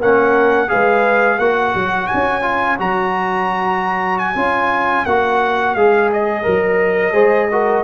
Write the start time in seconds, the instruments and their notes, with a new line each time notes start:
0.00 tuba A#3, trombone C#4, horn A#4, trumpet F#5
0.68 tuba G#3, trombone G#4, horn B4, trumpet F5
1.39 tuba A#3, trombone F#4, horn C#5, trumpet F#5
1.75 tuba F#3
2.07 trumpet G#5
2.14 tuba C#4
2.42 trombone F4
2.78 tuba F#3, trombone F#4, trumpet A#5
4.19 trumpet G#5
4.36 tuba C#4, trombone F4
5.06 tuba A#3, trombone F#4, trumpet F#5
5.75 tuba G#3, trombone G#4, trumpet F5
6.13 trumpet D#5
6.43 tuba F#3, trombone A#4
7.13 tuba G#3, trombone G#4, horn C5
7.52 trombone F#4, horn A#4